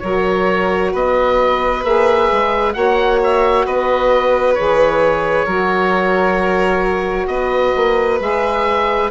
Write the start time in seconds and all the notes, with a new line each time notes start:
0.00 F#3 F#4 A#4 C#5
0.93 B3 B4 D#5
1.84 A#3 G#4 E5
2.32 G#3
2.74 A#3 F#4 C#5 F#5
3.24 E5
3.66 B3 B4 D#5
4.55 E3 G#4 C#5
5.46 F#3 F#4 A#4
7.28 B3 B4 D#5
7.76 A#3
8.20 G#3 G#4 E5